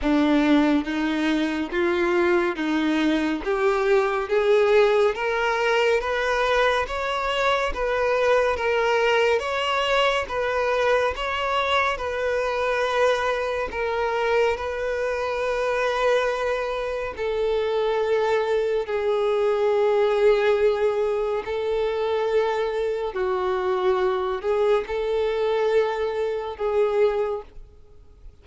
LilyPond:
\new Staff \with { instrumentName = "violin" } { \time 4/4 \tempo 4 = 70 d'4 dis'4 f'4 dis'4 | g'4 gis'4 ais'4 b'4 | cis''4 b'4 ais'4 cis''4 | b'4 cis''4 b'2 |
ais'4 b'2. | a'2 gis'2~ | gis'4 a'2 fis'4~ | fis'8 gis'8 a'2 gis'4 | }